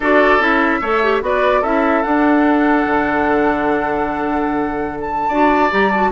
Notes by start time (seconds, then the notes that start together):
0.00 D4 F#4 A4 D5
0.39 C#4 E4 E5
0.80 A3 A4 C#5
1.03 G4
1.21 B3 F#4 B4 D5
1.61 C#4 E4 A4 E5
2.02 D4 F#5
2.86 D3
5.00 A5
5.28 D4 F#4 D5
5.71 G3 G4 A#5
5.91 F#4 A5